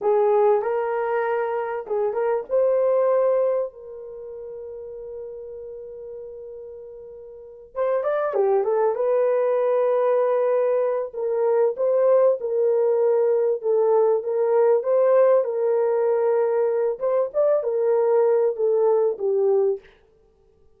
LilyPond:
\new Staff \with { instrumentName = "horn" } { \time 4/4 \tempo 4 = 97 gis'4 ais'2 gis'8 ais'8 | c''2 ais'2~ | ais'1~ | ais'8 c''8 d''8 g'8 a'8 b'4.~ |
b'2 ais'4 c''4 | ais'2 a'4 ais'4 | c''4 ais'2~ ais'8 c''8 | d''8 ais'4. a'4 g'4 | }